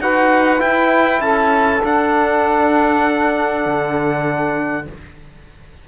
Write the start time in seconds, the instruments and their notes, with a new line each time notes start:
0.00 cello D#4, trombone F#4, saxophone B4, trumpet F#5
0.58 trombone E4, cello E4, trumpet G5
1.21 cello C#4, saxophone A4, trumpet A5
1.82 trombone D4, cello D4, trumpet F#5
3.66 cello D3